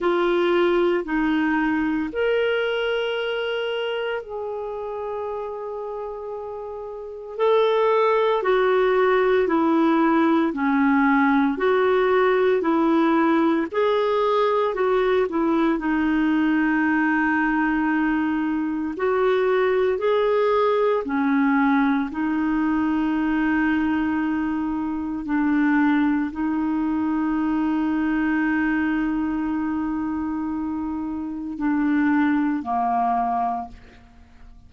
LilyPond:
\new Staff \with { instrumentName = "clarinet" } { \time 4/4 \tempo 4 = 57 f'4 dis'4 ais'2 | gis'2. a'4 | fis'4 e'4 cis'4 fis'4 | e'4 gis'4 fis'8 e'8 dis'4~ |
dis'2 fis'4 gis'4 | cis'4 dis'2. | d'4 dis'2.~ | dis'2 d'4 ais4 | }